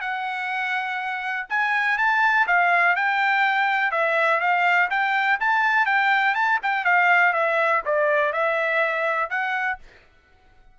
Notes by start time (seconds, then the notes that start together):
0.00 F#5
1.49 G#5
1.98 A5
2.47 F5
2.95 G5
3.91 E5
4.40 F5
4.90 G5
5.40 A5
5.86 G5
6.34 A5
6.62 G5
6.84 F5
7.33 E5
7.85 D5
8.32 E5
9.30 F#5